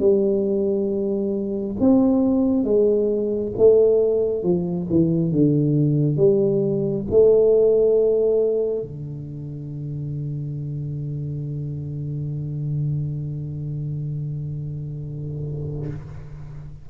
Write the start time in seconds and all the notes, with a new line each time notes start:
0.00 G3
1.80 C4
2.64 G#3
3.57 A3
4.44 F3
4.90 E3
5.32 D3
6.17 G3
7.11 A3
8.82 D3